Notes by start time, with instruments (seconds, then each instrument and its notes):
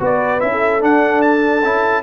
0.00 tuba B3, trombone F#4, horn B4, trumpet D5
0.40 tuba C#4, trombone E4, trumpet E5
0.52 horn A4
0.81 trombone D4, tuba D4, trumpet F#5
1.22 trumpet A5
1.64 tuba C#4, trombone E4